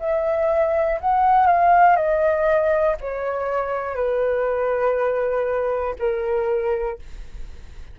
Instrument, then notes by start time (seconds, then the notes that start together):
flute
0.00 E5
1.00 F#5
1.46 F5
1.96 D#5
3.01 C#5
3.95 B4
5.99 A#4